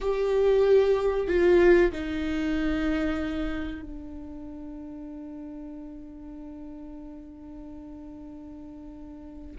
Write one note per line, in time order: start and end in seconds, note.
0.01 1.27 G4
1.27 1.91 F4
1.91 3.82 D#4
3.82 9.56 D4